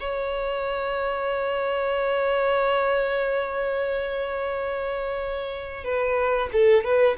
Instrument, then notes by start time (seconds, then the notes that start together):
violin
0.00 C#5
5.85 B4
6.53 A4
6.84 B4